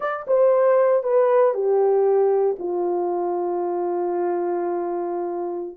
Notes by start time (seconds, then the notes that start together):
0.00 D5
0.27 C5
1.03 B4
1.54 G4
2.59 F4